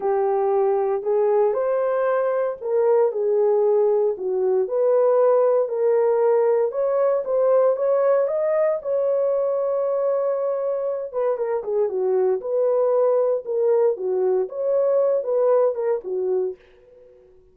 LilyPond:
\new Staff \with { instrumentName = "horn" } { \time 4/4 \tempo 4 = 116 g'2 gis'4 c''4~ | c''4 ais'4 gis'2 | fis'4 b'2 ais'4~ | ais'4 cis''4 c''4 cis''4 |
dis''4 cis''2.~ | cis''4. b'8 ais'8 gis'8 fis'4 | b'2 ais'4 fis'4 | cis''4. b'4 ais'8 fis'4 | }